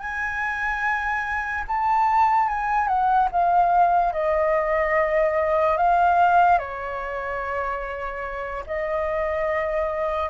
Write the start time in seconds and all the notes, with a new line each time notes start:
0.00 G#5
1.68 A5
2.49 G#5
2.88 F#5
3.32 F5
4.13 D#5
5.78 F5
6.59 C#5
8.67 D#5